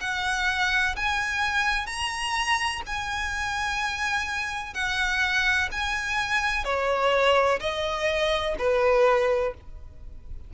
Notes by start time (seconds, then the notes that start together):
0.00 F#5
0.96 G#5
1.87 A#5
2.87 G#5
4.74 F#5
5.71 G#5
6.64 C#5
7.60 D#5
8.58 B4